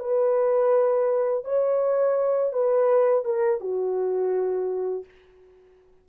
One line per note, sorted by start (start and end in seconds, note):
0.00 1.45 B4
1.45 2.53 C#5
2.53 3.25 B4
3.25 3.61 A#4
3.61 5.05 F#4